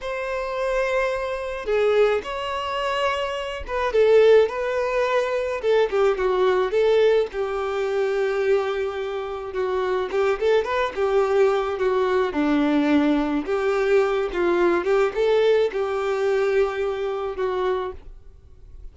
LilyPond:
\new Staff \with { instrumentName = "violin" } { \time 4/4 \tempo 4 = 107 c''2. gis'4 | cis''2~ cis''8 b'8 a'4 | b'2 a'8 g'8 fis'4 | a'4 g'2.~ |
g'4 fis'4 g'8 a'8 b'8 g'8~ | g'4 fis'4 d'2 | g'4. f'4 g'8 a'4 | g'2. fis'4 | }